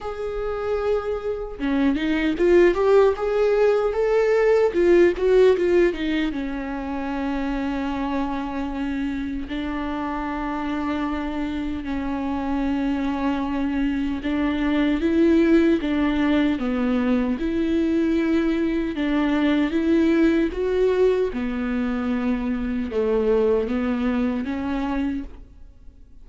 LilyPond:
\new Staff \with { instrumentName = "viola" } { \time 4/4 \tempo 4 = 76 gis'2 cis'8 dis'8 f'8 g'8 | gis'4 a'4 f'8 fis'8 f'8 dis'8 | cis'1 | d'2. cis'4~ |
cis'2 d'4 e'4 | d'4 b4 e'2 | d'4 e'4 fis'4 b4~ | b4 a4 b4 cis'4 | }